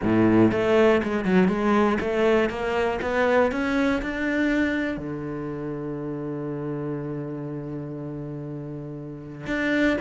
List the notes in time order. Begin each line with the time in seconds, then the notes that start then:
0.02 A2
0.51 A3
1.03 G#3
1.24 F#3
1.48 G#3
2.00 A3
2.49 A#3
3.01 B3
3.51 C#4
4.02 D4
4.97 D3
9.46 D4